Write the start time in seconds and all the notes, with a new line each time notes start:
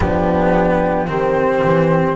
0.00 F3 B3 D4 G4
1.07 D#3 C4 G4 C5
1.64 E3